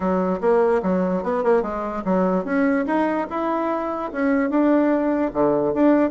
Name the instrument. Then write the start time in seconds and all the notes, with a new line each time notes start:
bassoon
0.00 F#3
0.41 A#3
0.82 F#3
1.23 B3
1.43 A#3
1.62 G#3
2.05 F#3
2.44 C#4
2.86 D#4
3.29 E4
4.12 C#4
4.50 D4
5.33 D3
5.74 D4